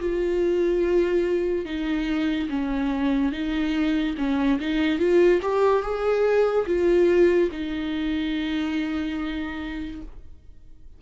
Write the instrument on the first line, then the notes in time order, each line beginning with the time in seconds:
viola
0.00 F4
1.66 D#4
2.49 C#4
3.32 D#4
4.18 C#4
4.60 D#4
4.99 F4
5.42 G4
5.83 G#4
6.67 F4
7.52 D#4